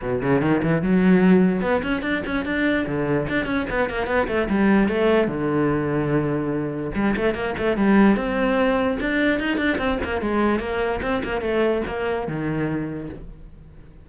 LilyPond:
\new Staff \with { instrumentName = "cello" } { \time 4/4 \tempo 4 = 147 b,8 cis8 dis8 e8 fis2 | b8 cis'8 d'8 cis'8 d'4 d4 | d'8 cis'8 b8 ais8 b8 a8 g4 | a4 d2.~ |
d4 g8 a8 ais8 a8 g4 | c'2 d'4 dis'8 d'8 | c'8 ais8 gis4 ais4 c'8 ais8 | a4 ais4 dis2 | }